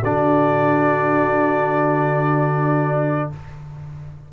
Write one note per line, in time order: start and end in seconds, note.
0.00 3.30 D3
0.00 3.32 D4
0.00 3.28 F#4
0.00 3.31 D5